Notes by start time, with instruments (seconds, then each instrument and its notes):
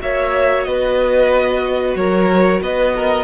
0.00 cello A#3, viola F#4, violin C#5 E5
0.64 cello B3, violin B4 D#5
1.96 cello F#3, violin A#4 C#5
2.61 cello B3, violin B4 D#5
2.96 violin A#4